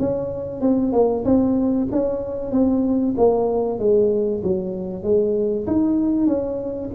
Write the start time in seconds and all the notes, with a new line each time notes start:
0.00 C#4
0.61 C4
0.93 A#3
1.25 C4
1.92 C#4
2.52 C4
3.18 A#3
3.79 G#3
4.44 F#3
5.04 G#3
5.67 D#4
6.27 C#4